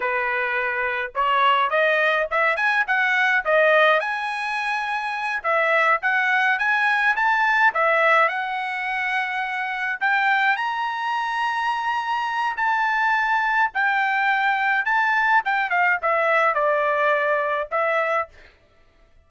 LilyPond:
\new Staff \with { instrumentName = "trumpet" } { \time 4/4 \tempo 4 = 105 b'2 cis''4 dis''4 | e''8 gis''8 fis''4 dis''4 gis''4~ | gis''4. e''4 fis''4 gis''8~ | gis''8 a''4 e''4 fis''4.~ |
fis''4. g''4 ais''4.~ | ais''2 a''2 | g''2 a''4 g''8 f''8 | e''4 d''2 e''4 | }